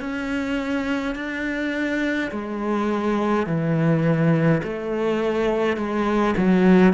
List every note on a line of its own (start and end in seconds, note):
0.00 1.15 C#4
1.15 2.31 D4
2.31 3.47 G#3
3.47 4.62 E3
4.63 5.77 A3
5.77 6.35 G#3
6.37 6.94 F#3